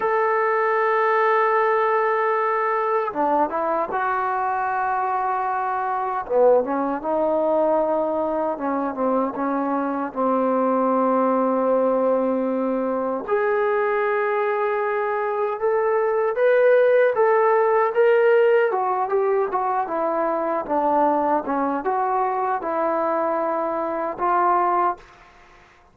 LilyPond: \new Staff \with { instrumentName = "trombone" } { \time 4/4 \tempo 4 = 77 a'1 | d'8 e'8 fis'2. | b8 cis'8 dis'2 cis'8 c'8 | cis'4 c'2.~ |
c'4 gis'2. | a'4 b'4 a'4 ais'4 | fis'8 g'8 fis'8 e'4 d'4 cis'8 | fis'4 e'2 f'4 | }